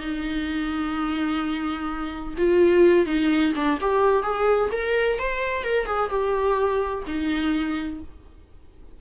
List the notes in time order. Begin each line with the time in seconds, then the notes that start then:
0.00 D#4
2.37 F4
3.06 D#4
3.55 D4
3.81 G4
4.23 G#4
4.72 A#4
5.19 C5
5.64 A#4
5.86 G#4
6.10 G4
7.07 D#4